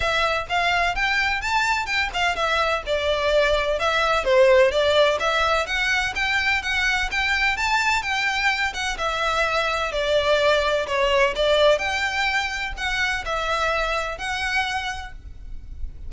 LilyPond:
\new Staff \with { instrumentName = "violin" } { \time 4/4 \tempo 4 = 127 e''4 f''4 g''4 a''4 | g''8 f''8 e''4 d''2 | e''4 c''4 d''4 e''4 | fis''4 g''4 fis''4 g''4 |
a''4 g''4. fis''8 e''4~ | e''4 d''2 cis''4 | d''4 g''2 fis''4 | e''2 fis''2 | }